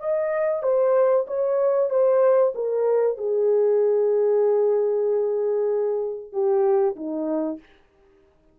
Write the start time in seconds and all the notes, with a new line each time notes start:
0.00 D#5
0.63 C5
1.28 C#5
1.91 C5
2.55 A#4
3.18 G#4
6.33 G4
6.96 D#4